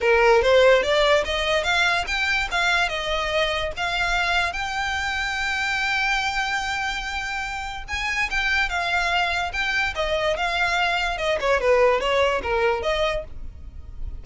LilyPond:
\new Staff \with { instrumentName = "violin" } { \time 4/4 \tempo 4 = 145 ais'4 c''4 d''4 dis''4 | f''4 g''4 f''4 dis''4~ | dis''4 f''2 g''4~ | g''1~ |
g''2. gis''4 | g''4 f''2 g''4 | dis''4 f''2 dis''8 cis''8 | b'4 cis''4 ais'4 dis''4 | }